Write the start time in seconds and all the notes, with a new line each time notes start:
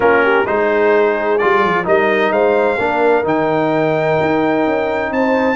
0.00 A#3 C#4 F4 A#4
0.23 G4
0.46 G#3 D#4 G#4 C5
1.38 G3 F4 D5
1.64 F3
1.84 G3 D#4 A#4 D#5
2.30 G#3 C5 F5
2.79 A#3 D4 A#4
3.24 D#3 D#4 G5
4.20 D#4
4.66 C#4
5.10 C4 C5 A5